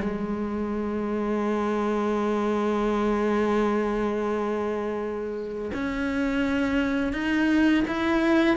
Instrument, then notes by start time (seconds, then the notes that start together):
cello
0.00 G#3
5.73 C#4
7.13 D#4
7.87 E4